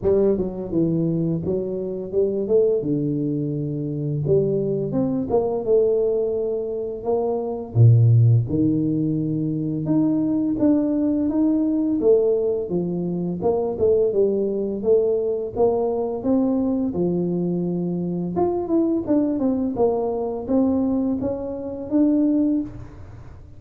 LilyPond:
\new Staff \with { instrumentName = "tuba" } { \time 4/4 \tempo 4 = 85 g8 fis8 e4 fis4 g8 a8 | d2 g4 c'8 ais8 | a2 ais4 ais,4 | dis2 dis'4 d'4 |
dis'4 a4 f4 ais8 a8 | g4 a4 ais4 c'4 | f2 f'8 e'8 d'8 c'8 | ais4 c'4 cis'4 d'4 | }